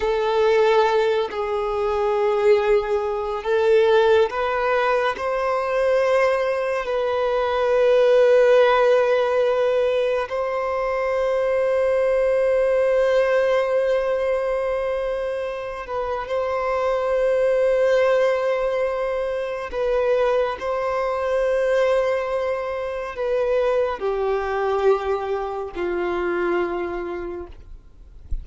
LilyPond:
\new Staff \with { instrumentName = "violin" } { \time 4/4 \tempo 4 = 70 a'4. gis'2~ gis'8 | a'4 b'4 c''2 | b'1 | c''1~ |
c''2~ c''8 b'8 c''4~ | c''2. b'4 | c''2. b'4 | g'2 f'2 | }